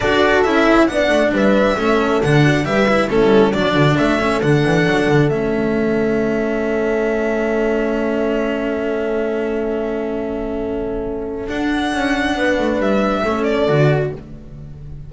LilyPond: <<
  \new Staff \with { instrumentName = "violin" } { \time 4/4 \tempo 4 = 136 d''4 e''4 fis''4 e''4~ | e''4 fis''4 e''4 a'4 | d''4 e''4 fis''2 | e''1~ |
e''1~ | e''1~ | e''2 fis''2~ | fis''4 e''4. d''4. | }
  \new Staff \with { instrumentName = "horn" } { \time 4/4 a'2 d''4 b'4 | a'4. fis'8 b'4 e'4 | fis'4 a'2.~ | a'1~ |
a'1~ | a'1~ | a'1 | b'2 a'2 | }
  \new Staff \with { instrumentName = "cello" } { \time 4/4 fis'4 e'4 d'2 | cis'4 d'4 g'8 e'8 cis'4 | d'4. cis'8 d'2 | cis'1~ |
cis'1~ | cis'1~ | cis'2 d'2~ | d'2 cis'4 fis'4 | }
  \new Staff \with { instrumentName = "double bass" } { \time 4/4 d'4 cis'4 b8 a8 g4 | a4 d4 g4 a16 g8. | fis8 d8 a4 d8 e8 fis8 d8 | a1~ |
a1~ | a1~ | a2 d'4 cis'4 | b8 a8 g4 a4 d4 | }
>>